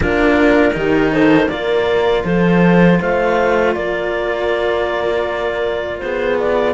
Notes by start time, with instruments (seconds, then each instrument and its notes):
0.00 cello A#3 D4, horn F4, clarinet A#4
0.72 cello D#3 D#4, horn G4
1.12 horn A4, clarinet C5
1.48 cello A#3 F4, horn A#4, clarinet D5
2.24 cello F3, horn A4, clarinet C5
2.99 cello A3, horn C5, clarinet F5
3.74 cello A#3, horn A#4, clarinet D5
5.99 cello B3, horn G#4, clarinet C5
6.39 clarinet D5